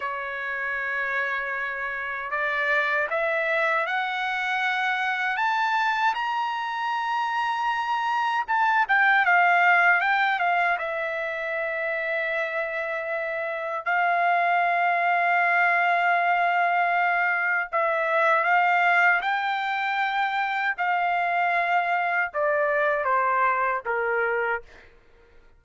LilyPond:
\new Staff \with { instrumentName = "trumpet" } { \time 4/4 \tempo 4 = 78 cis''2. d''4 | e''4 fis''2 a''4 | ais''2. a''8 g''8 | f''4 g''8 f''8 e''2~ |
e''2 f''2~ | f''2. e''4 | f''4 g''2 f''4~ | f''4 d''4 c''4 ais'4 | }